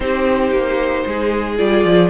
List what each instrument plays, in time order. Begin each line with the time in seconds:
0.00 cello C4, viola D#4, violin G4 C5
0.51 cello A#3
1.06 cello G#3, violin G#4
1.58 cello G3, viola F4, violin D5
1.85 cello F3